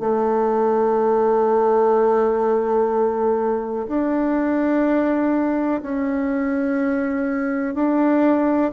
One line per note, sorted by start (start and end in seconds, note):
0.00 3.87 A3
3.88 5.82 D4
5.82 7.75 C#4
7.75 8.71 D4